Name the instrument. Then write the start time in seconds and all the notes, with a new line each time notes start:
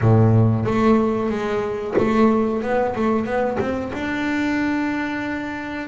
double bass
0.01 A2
0.65 A3
1.29 G#3
1.98 A3
2.62 B3
2.95 A3
3.25 B3
3.59 C4
3.93 D4